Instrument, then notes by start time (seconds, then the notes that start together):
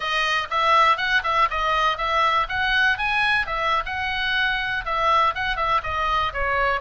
oboe
0.00 D#5
0.50 E5
0.97 F#5
1.23 E5
1.50 D#5
1.97 E5
2.48 F#5
2.98 G#5
3.46 E5
3.85 F#5
4.85 E5
5.34 F#5
5.56 E5
5.83 D#5
6.33 C#5